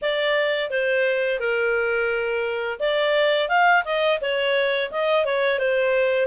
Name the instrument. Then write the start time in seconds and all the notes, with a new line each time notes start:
clarinet
0.01 D5
0.70 C5
1.39 A#4
2.79 D5
3.48 F5
3.84 D#5
4.21 C#5
4.91 D#5
5.25 C#5
5.58 C5